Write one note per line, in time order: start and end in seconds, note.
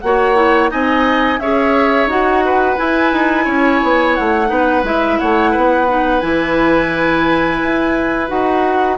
0.00 0.72 A#3
0.00 0.35 F#4
0.00 0.71 C#5
0.00 0.69 F#5
0.35 0.69 E4
0.69 1.39 C4
0.69 1.38 D#4
0.69 1.40 D#5
0.69 1.39 G#5
1.39 2.06 C#4
1.39 2.09 G#4
1.39 2.45 C#5
1.39 2.08 E5
2.06 2.75 D#4
2.06 2.76 F#4
2.06 2.77 F#5
2.45 3.44 B4
2.76 4.47 E4
2.76 3.12 E4
2.76 4.15 G#5
3.12 3.46 D#4
3.44 3.81 C#4
3.44 4.48 C#5
3.83 4.17 B3
4.15 4.50 A3
4.15 4.84 F#5
4.47 4.83 B3
4.47 4.81 D#4
4.47 5.18 B4
4.83 5.17 G#3
4.83 5.87 E4
4.83 5.19 E5
5.19 5.56 A3
5.19 5.51 C#5
5.19 6.20 F#5
5.51 6.22 B3
5.51 8.96 B4
5.88 6.21 D#4
6.20 7.60 E3
6.20 8.27 E4
6.20 8.27 G#5
7.62 8.30 E4
8.27 8.97 D#4
8.27 8.96 F#4
8.27 8.97 F#5